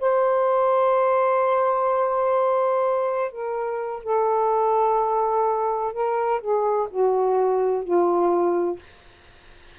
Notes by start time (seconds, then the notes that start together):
0.00 C5
3.32 A#4
4.03 A4
5.94 A#4
6.41 G#4
6.90 F#4
7.84 F4